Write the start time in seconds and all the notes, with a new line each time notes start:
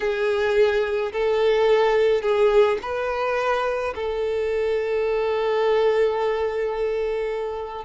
0.00 G#4
1.12 A4
2.21 G#4
2.82 B4
3.95 A4